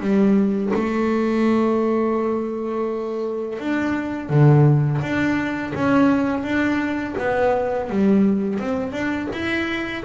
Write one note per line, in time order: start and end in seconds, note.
0.00 0.71 G3
0.74 3.59 A3
3.59 4.30 D4
4.30 5.01 D3
5.02 5.73 D4
5.75 6.43 C#4
6.43 7.15 D4
7.18 7.90 B3
7.90 8.59 G3
8.59 8.92 C4
8.92 9.28 D4
9.32 10.04 E4